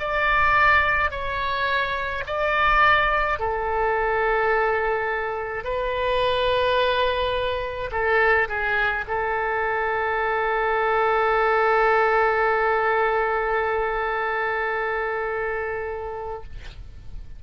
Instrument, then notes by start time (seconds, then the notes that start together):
oboe
0.00 D5
1.11 C#5
2.27 D5
3.40 A4
5.64 B4
7.92 A4
8.49 G#4
9.08 A4